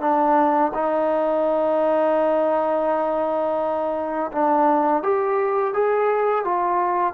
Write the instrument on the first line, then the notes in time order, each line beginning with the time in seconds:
trombone
0.00 D4
0.74 D#4
4.31 D4
5.03 G4
5.73 G#4
6.44 F4